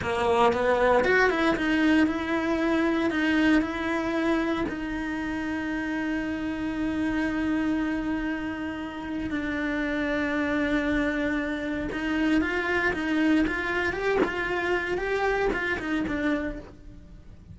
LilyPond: \new Staff \with { instrumentName = "cello" } { \time 4/4 \tempo 4 = 116 ais4 b4 fis'8 e'8 dis'4 | e'2 dis'4 e'4~ | e'4 dis'2.~ | dis'1~ |
dis'2 d'2~ | d'2. dis'4 | f'4 dis'4 f'4 g'8 f'8~ | f'4 g'4 f'8 dis'8 d'4 | }